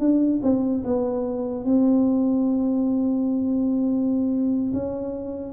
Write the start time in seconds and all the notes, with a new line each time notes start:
0.00 D4
0.43 C4
0.85 B3
1.65 C4
4.73 C#4